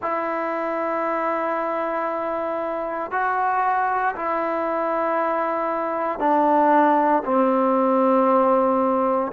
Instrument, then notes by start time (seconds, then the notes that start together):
trombone
0.02 E4
3.11 F#4
4.15 E4
6.19 D4
7.25 C4